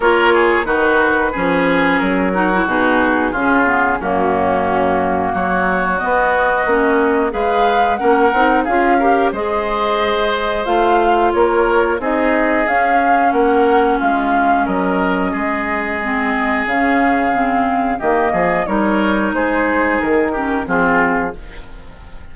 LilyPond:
<<
  \new Staff \with { instrumentName = "flute" } { \time 4/4 \tempo 4 = 90 cis''4 b'2 ais'4 | gis'2 fis'2 | cis''4 dis''2 f''4 | fis''4 f''4 dis''2 |
f''4 cis''4 dis''4 f''4 | fis''4 f''4 dis''2~ | dis''4 f''2 dis''4 | cis''4 c''4 ais'4 gis'4 | }
  \new Staff \with { instrumentName = "oboe" } { \time 4/4 ais'8 gis'8 fis'4 gis'4. fis'8~ | fis'4 f'4 cis'2 | fis'2. b'4 | ais'4 gis'8 ais'8 c''2~ |
c''4 ais'4 gis'2 | ais'4 f'4 ais'4 gis'4~ | gis'2. g'8 gis'8 | ais'4 gis'4. g'8 f'4 | }
  \new Staff \with { instrumentName = "clarinet" } { \time 4/4 f'4 dis'4 cis'4. dis'16 e'16 | dis'4 cis'8 b8 ais2~ | ais4 b4 cis'4 gis'4 | cis'8 dis'8 f'8 g'8 gis'2 |
f'2 dis'4 cis'4~ | cis'1 | c'4 cis'4 c'4 ais4 | dis'2~ dis'8 cis'8 c'4 | }
  \new Staff \with { instrumentName = "bassoon" } { \time 4/4 ais4 dis4 f4 fis4 | b,4 cis4 fis,2 | fis4 b4 ais4 gis4 | ais8 c'8 cis'4 gis2 |
a4 ais4 c'4 cis'4 | ais4 gis4 fis4 gis4~ | gis4 cis2 dis8 f8 | g4 gis4 dis4 f4 | }
>>